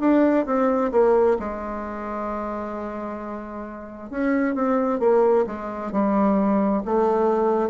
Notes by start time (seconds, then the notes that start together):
0.00 D4
0.46 C4
0.92 A#3
1.39 G#3
4.11 C#4
4.55 C4
5.00 A#3
5.47 G#3
5.92 G3
6.86 A3